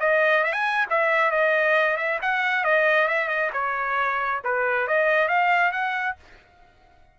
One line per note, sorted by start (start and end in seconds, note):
0.00 0.44 D#5
0.44 0.53 E5
0.53 0.86 G#5
0.90 1.31 E5
1.31 1.97 D#5
1.97 2.19 E5
2.22 2.64 F#5
2.64 3.08 D#5
3.08 3.28 E5
3.28 3.50 D#5
3.53 4.41 C#5
4.44 4.87 B4
4.87 5.28 D#5
5.28 5.72 F5
5.72 6.16 F#5